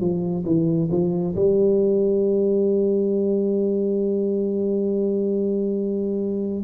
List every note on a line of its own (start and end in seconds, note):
0.00 0.44 F3
0.45 0.89 E3
0.91 1.35 F3
1.35 6.64 G3